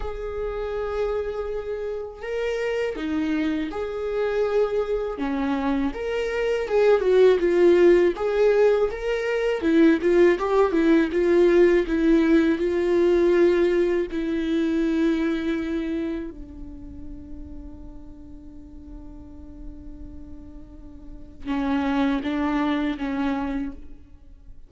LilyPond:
\new Staff \with { instrumentName = "viola" } { \time 4/4 \tempo 4 = 81 gis'2. ais'4 | dis'4 gis'2 cis'4 | ais'4 gis'8 fis'8 f'4 gis'4 | ais'4 e'8 f'8 g'8 e'8 f'4 |
e'4 f'2 e'4~ | e'2 d'2~ | d'1~ | d'4 cis'4 d'4 cis'4 | }